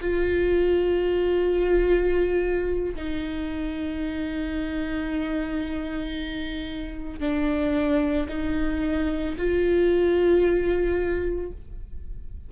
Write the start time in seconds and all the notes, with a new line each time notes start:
0.00 F4
2.95 D#4
7.20 D4
8.28 D#4
9.37 F4